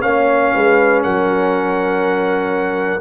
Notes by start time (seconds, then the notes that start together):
0.00 A#3 C#4 C#5 F5
0.54 G#3 B4
1.03 F#3 A#4 F#5